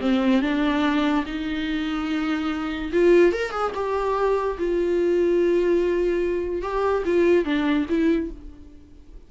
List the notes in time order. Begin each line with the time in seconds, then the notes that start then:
0.00 C4
0.41 D4
1.26 D#4
2.92 F4
3.32 A#4
3.51 G#4
3.74 G4
4.58 F4
6.62 G4
7.05 F4
7.44 D4
7.89 E4